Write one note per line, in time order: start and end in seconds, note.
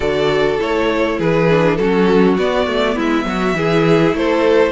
0.00 0.58 D3
0.00 0.58 F#4
0.00 1.17 A4
0.00 0.59 D5
0.58 1.19 A3
0.58 1.47 E4
0.58 1.19 C#5
1.18 1.78 E3
1.18 1.78 G#4
1.18 1.75 B4
1.50 1.79 D4
1.75 2.37 F#3
1.75 2.38 C#4
1.75 2.95 F#4
1.75 2.35 A4
2.38 2.66 B3
2.38 3.55 B3
2.38 2.98 D5
2.66 2.96 A3
2.95 3.25 G#3
2.95 3.25 E4
2.95 4.16 E5
3.25 3.53 F#3
3.25 3.57 F#4
3.53 4.13 E3
3.53 4.71 E4
3.53 4.16 G#4
4.13 4.71 A3
4.13 4.71 A4
4.13 4.71 C5